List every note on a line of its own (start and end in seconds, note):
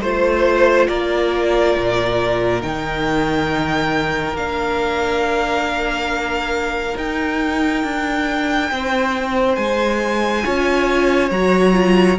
0.00 0.87 A3
0.00 2.60 F4
0.00 0.87 C5
0.87 1.76 A#3
0.87 8.71 A#4
0.87 2.61 D5
1.77 2.63 A#2
2.60 4.33 D#3
2.60 4.34 D#4
2.60 4.36 G5
4.33 6.94 A#3
4.33 6.97 D4
4.33 6.97 F5
6.96 7.83 D#4
6.96 10.42 D#4
6.96 9.55 G5
7.83 8.70 D4
8.71 9.57 C4
8.71 10.45 C5
9.55 10.44 G#3
9.55 11.29 G#5
10.42 11.31 C#4
10.42 11.29 F4
10.42 12.18 C#5
11.31 12.18 F#3
11.31 11.72 F#4
11.31 12.18 A#5
11.72 12.16 F4